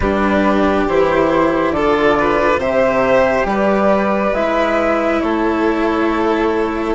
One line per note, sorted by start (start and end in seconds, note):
0.00 0.87 G3
0.00 0.89 D4
0.00 1.75 G4
0.00 0.86 B4
0.87 1.71 E3
0.87 1.76 E4
0.87 1.71 C5
1.71 2.57 D3
1.71 2.61 F4
1.71 2.18 A4
1.71 2.58 D5
2.18 2.59 B4
2.57 3.44 C3
2.57 4.34 G4
2.57 3.46 C5
2.57 3.46 E5
3.44 4.31 G3
3.44 5.22 B4
3.44 4.33 D5
4.33 5.20 G#3
4.33 6.95 E4
4.33 5.20 E5
5.20 6.95 A3
5.20 6.95 A4
5.20 6.94 C#5